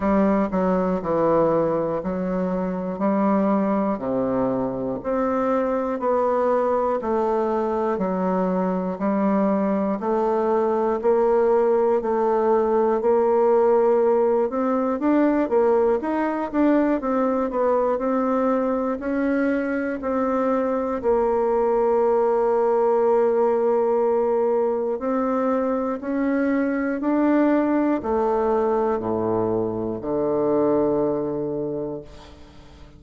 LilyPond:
\new Staff \with { instrumentName = "bassoon" } { \time 4/4 \tempo 4 = 60 g8 fis8 e4 fis4 g4 | c4 c'4 b4 a4 | fis4 g4 a4 ais4 | a4 ais4. c'8 d'8 ais8 |
dis'8 d'8 c'8 b8 c'4 cis'4 | c'4 ais2.~ | ais4 c'4 cis'4 d'4 | a4 a,4 d2 | }